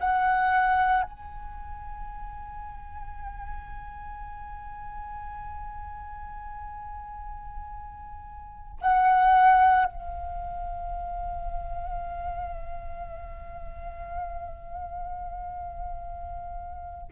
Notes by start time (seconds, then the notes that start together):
0.00 F#5
1.02 G#5
8.81 F#5
9.85 F5